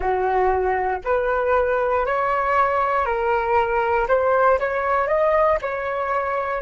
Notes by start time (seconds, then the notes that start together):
0.00 F#4
1.04 B4
2.06 C#5
3.05 A#4
4.08 C5
4.59 C#5
5.07 D#5
5.61 C#5